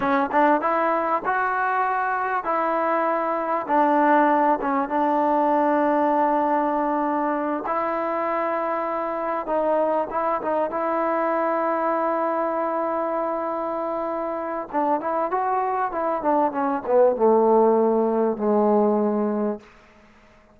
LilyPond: \new Staff \with { instrumentName = "trombone" } { \time 4/4 \tempo 4 = 98 cis'8 d'8 e'4 fis'2 | e'2 d'4. cis'8 | d'1~ | d'8 e'2. dis'8~ |
dis'8 e'8 dis'8 e'2~ e'8~ | e'1 | d'8 e'8 fis'4 e'8 d'8 cis'8 b8 | a2 gis2 | }